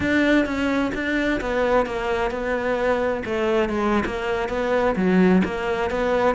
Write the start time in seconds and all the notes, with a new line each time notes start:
0.00 D4
0.45 C#4
0.94 D4
1.41 B3
1.85 A#3
2.31 B3
3.25 A3
3.69 G#3
4.05 A#3
4.49 B3
4.96 F#3
5.44 A#3
5.90 B3